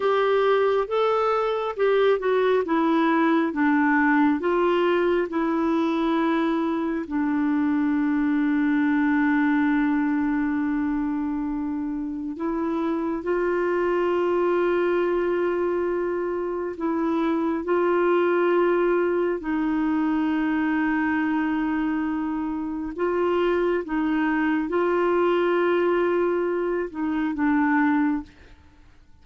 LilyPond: \new Staff \with { instrumentName = "clarinet" } { \time 4/4 \tempo 4 = 68 g'4 a'4 g'8 fis'8 e'4 | d'4 f'4 e'2 | d'1~ | d'2 e'4 f'4~ |
f'2. e'4 | f'2 dis'2~ | dis'2 f'4 dis'4 | f'2~ f'8 dis'8 d'4 | }